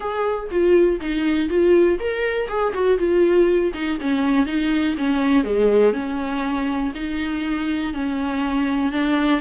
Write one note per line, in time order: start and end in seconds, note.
0.00 0.49 G#4
0.50 1.00 F4
1.01 1.49 D#4
1.49 1.98 F4
1.99 2.48 A#4
2.48 2.73 G#4
2.73 2.98 F#4
2.98 3.72 F4
3.73 3.98 D#4
4.00 4.46 C#4
4.46 4.95 D#4
4.97 5.44 C#4
5.44 5.93 G#3
5.93 6.92 C#4
6.94 7.93 D#4
7.93 8.92 C#4
8.92 9.41 D4